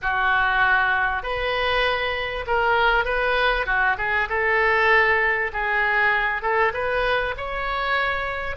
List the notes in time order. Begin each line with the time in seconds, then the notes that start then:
0.02 F#4
1.22 B4
2.47 A#4
3.04 B4
3.65 F#4
3.97 G#4
4.29 A4
5.52 G#4
6.41 A4
6.73 B4
7.37 C#5